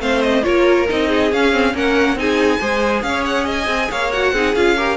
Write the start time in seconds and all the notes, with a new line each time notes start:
0.00 A3 C4 C5 F5
0.22 D#5
0.43 A#3 F4 A#4 C#5
0.89 C4 D#4 D#5
1.08 G#4
1.32 C#4 F5
1.52 C4
1.74 A#3 C#4 A#4 F#5
2.15 C4 D#4 G#4 G#5
2.61 G#3 G#4 C5
3.03 C#4 F5
3.09 C#5
3.26 F#5
3.45 D#5
3.52 G#5
3.67 C4
3.91 A#3 C#5 F5
4.12 F#4 F#5
4.33 C4 D#4 G#4
4.55 C#4 F4 F5
4.77 G4 A#4